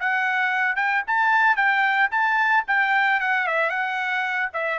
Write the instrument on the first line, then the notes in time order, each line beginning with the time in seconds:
trumpet
0.00 F#5
0.77 G5
1.07 A5
1.57 G5
2.11 A5
2.68 G5
3.21 F#5
3.47 E5
3.70 F#5
4.54 E5